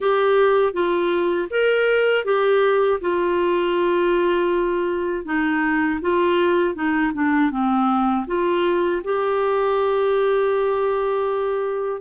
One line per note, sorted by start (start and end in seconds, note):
0.00 0.73 G4
0.73 1.48 F4
1.50 2.25 A#4
2.25 3.00 G4
3.00 5.25 F4
5.25 6.00 D#4
6.01 6.74 F4
6.74 7.12 D#4
7.13 7.50 D4
7.50 8.25 C4
8.26 9.01 F4
9.03 12.01 G4